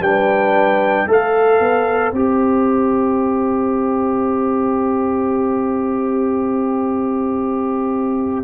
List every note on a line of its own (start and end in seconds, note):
0.00 1.05 G3
0.00 1.08 D4
0.00 1.08 B4
0.00 1.08 G5
1.08 1.60 A3
1.08 2.13 A4
1.08 8.45 C5
1.08 2.14 F5
1.60 2.13 B3
2.13 8.45 C4
2.13 8.45 G4
2.13 8.45 E5